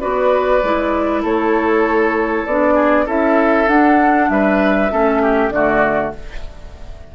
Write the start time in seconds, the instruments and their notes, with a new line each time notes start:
0.00 bassoon B3, clarinet F#4, oboe B4, flute D5
0.63 bassoon G#3, clarinet E4
1.22 bassoon A3, oboe A4, flute C#5
2.45 bassoon B3, clarinet D4, flute D5
2.74 oboe G#4
3.06 bassoon C#4, clarinet E4, oboe A4, flute E5
3.67 clarinet D4, bassoon D4, flute F#5
4.29 bassoon G3, oboe B4, flute E5
4.90 bassoon A3, clarinet C#4, oboe A4
5.22 oboe G4
5.50 bassoon D3, clarinet A3, oboe F#4, flute D5